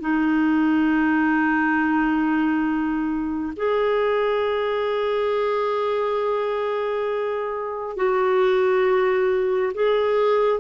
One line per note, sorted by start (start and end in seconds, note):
0.00 3.53 D#4
3.57 7.96 G#4
7.96 9.73 F#4
9.74 10.60 G#4